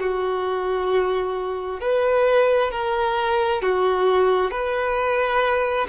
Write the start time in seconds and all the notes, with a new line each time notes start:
0.00 F#4
1.81 B4
2.72 A#4
3.62 F#4
4.51 B4